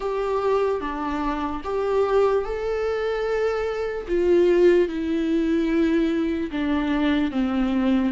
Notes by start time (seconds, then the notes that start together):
0.00 G4
0.80 D4
1.64 G4
2.44 A4
4.08 F4
4.88 E4
6.51 D4
7.31 C4